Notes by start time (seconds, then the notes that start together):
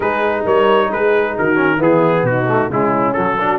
0.00 G#3 D#4 G#4 B4
0.44 G3 A#4 C#5
0.91 G#3 G#4 B4
1.38 D#3 F#4 A#4
1.55 C#4
1.77 E3 B3 E4 G#4
2.23 B2 F#4
2.29 D#4
2.48 A3
2.69 C#3 G#3 C#4 E4
3.13 F#3 A4
3.38 D4 F#4